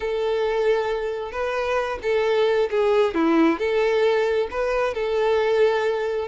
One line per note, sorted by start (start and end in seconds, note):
0.00 1.31 A4
1.31 1.98 B4
2.02 2.69 A4
2.70 3.14 G#4
3.14 3.58 E4
3.58 4.48 A4
4.50 4.94 B4
4.94 6.28 A4